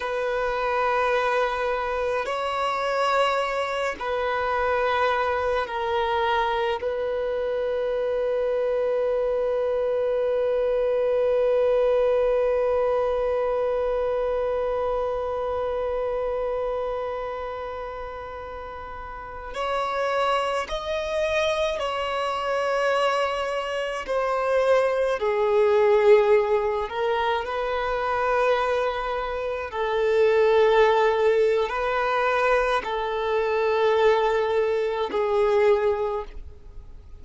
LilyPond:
\new Staff \with { instrumentName = "violin" } { \time 4/4 \tempo 4 = 53 b'2 cis''4. b'8~ | b'4 ais'4 b'2~ | b'1~ | b'1~ |
b'4~ b'16 cis''4 dis''4 cis''8.~ | cis''4~ cis''16 c''4 gis'4. ais'16~ | ais'16 b'2 a'4.~ a'16 | b'4 a'2 gis'4 | }